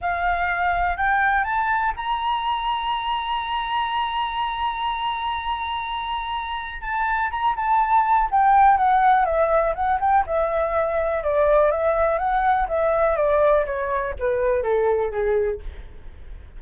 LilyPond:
\new Staff \with { instrumentName = "flute" } { \time 4/4 \tempo 4 = 123 f''2 g''4 a''4 | ais''1~ | ais''1~ | ais''2 a''4 ais''8 a''8~ |
a''4 g''4 fis''4 e''4 | fis''8 g''8 e''2 d''4 | e''4 fis''4 e''4 d''4 | cis''4 b'4 a'4 gis'4 | }